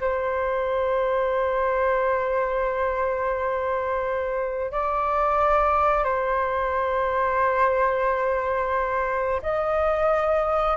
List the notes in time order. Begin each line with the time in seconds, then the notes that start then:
0.00 C5
4.71 D5
6.04 C5
9.42 D#5